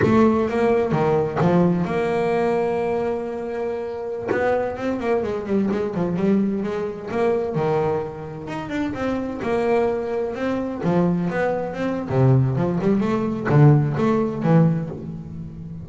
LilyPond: \new Staff \with { instrumentName = "double bass" } { \time 4/4 \tempo 4 = 129 a4 ais4 dis4 f4 | ais1~ | ais4~ ais16 b4 c'8 ais8 gis8 g16~ | g16 gis8 f8 g4 gis4 ais8.~ |
ais16 dis2 dis'8 d'8 c'8.~ | c'16 ais2 c'4 f8.~ | f16 b4 c'8. c4 f8 g8 | a4 d4 a4 e4 | }